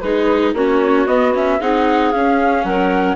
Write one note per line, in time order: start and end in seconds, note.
0.00 0.53 G#3
0.00 0.55 D#4
0.00 0.54 G#4
0.00 0.53 B4
0.53 1.06 A#3
0.53 1.06 C#4
0.53 1.59 F#4
0.53 1.07 C#5
1.06 1.33 B3
1.06 1.59 B3
1.06 1.33 D#5
1.34 1.60 C#4
1.34 1.61 E5
1.59 2.13 C4
1.59 2.13 D#4
1.59 2.64 G#4
1.59 2.12 F#5
2.12 3.16 C#4
2.12 2.64 C#4
2.12 2.63 F5
2.63 3.16 F#3
2.63 3.16 A#4
2.63 3.16 F#5